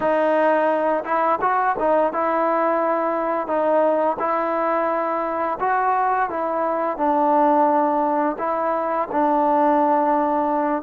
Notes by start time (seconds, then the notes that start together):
0.00 D#4
1.04 E4
1.41 F#4
1.79 D#4
2.12 E4
3.47 D#4
4.19 E4
5.59 F#4
6.29 E4
6.97 D4
8.38 E4
9.11 D4